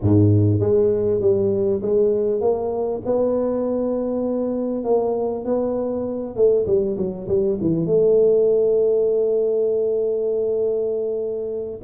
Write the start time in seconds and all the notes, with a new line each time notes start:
0.01 G#2
0.60 G#3
1.20 G3
1.82 G#3
2.40 A#3
3.05 B3
4.84 A#3
5.45 B3
6.36 A3
6.66 G3
6.97 F#3
7.28 G3
7.61 E3
7.85 A3